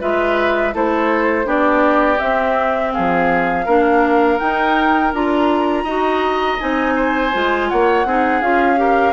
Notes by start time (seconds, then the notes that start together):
0.00 G#3 F4 B4 E5
0.73 A3 E4 A4 C5
1.45 B3 D4 G4 D5
2.18 C4 E5
2.93 F3 G#4 F5
3.65 A#3 D4 A#4
4.39 D#4 G5
5.13 D4 F4 A#5
5.84 D#4 F#4 D#5
6.59 C4 D#4 G#5
6.96 C5
7.33 G#3 F4
7.69 A#3 C#5 F#5
8.05 C4 D#4 G#4
8.41 C#4 F4 F5
8.76 G4 A#4